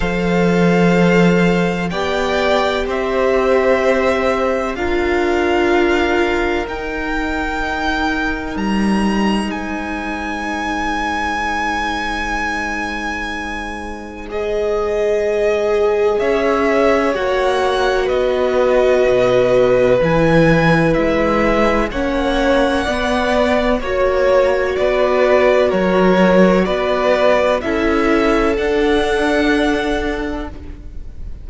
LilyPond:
<<
  \new Staff \with { instrumentName = "violin" } { \time 4/4 \tempo 4 = 63 f''2 g''4 e''4~ | e''4 f''2 g''4~ | g''4 ais''4 gis''2~ | gis''2. dis''4~ |
dis''4 e''4 fis''4 dis''4~ | dis''4 gis''4 e''4 fis''4~ | fis''4 cis''4 d''4 cis''4 | d''4 e''4 fis''2 | }
  \new Staff \with { instrumentName = "violin" } { \time 4/4 c''2 d''4 c''4~ | c''4 ais'2.~ | ais'2 c''2~ | c''1~ |
c''4 cis''2 b'4~ | b'2. cis''4 | d''4 cis''4 b'4 ais'4 | b'4 a'2. | }
  \new Staff \with { instrumentName = "viola" } { \time 4/4 a'2 g'2~ | g'4 f'2 dis'4~ | dis'1~ | dis'2. gis'4~ |
gis'2 fis'2~ | fis'4 e'2 cis'4 | b4 fis'2.~ | fis'4 e'4 d'2 | }
  \new Staff \with { instrumentName = "cello" } { \time 4/4 f2 b4 c'4~ | c'4 d'2 dis'4~ | dis'4 g4 gis2~ | gis1~ |
gis4 cis'4 ais4 b4 | b,4 e4 gis4 ais4 | b4 ais4 b4 fis4 | b4 cis'4 d'2 | }
>>